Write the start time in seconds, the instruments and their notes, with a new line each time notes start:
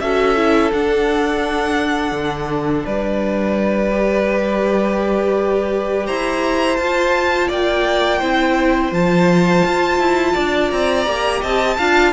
0.00 cello C#4, viola F#4, violin A4 E5
0.36 viola E4
0.72 cello D4, viola D4, violin F#5
2.12 cello D3
2.85 cello G3, violin B4 D5
3.91 viola G4
6.06 cello E4, violin C5 A#5
6.77 cello F4, viola F4, violin A5
7.48 cello A#3, violin D5 G5
8.19 cello C4, viola E4, violin C5
8.91 cello F3, viola F4, violin A5
9.65 cello F4
9.99 cello E4
10.33 cello D4, violin D5
10.71 cello C4, violin A#5
11.06 cello A#3, viola G4
11.41 cello C4, violin D#5 A5
11.77 cello D4, viola F4, violin F5